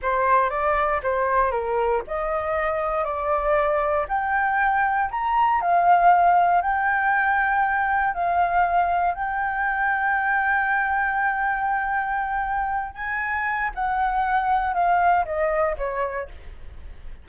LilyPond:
\new Staff \with { instrumentName = "flute" } { \time 4/4 \tempo 4 = 118 c''4 d''4 c''4 ais'4 | dis''2 d''2 | g''2 ais''4 f''4~ | f''4 g''2. |
f''2 g''2~ | g''1~ | g''4. gis''4. fis''4~ | fis''4 f''4 dis''4 cis''4 | }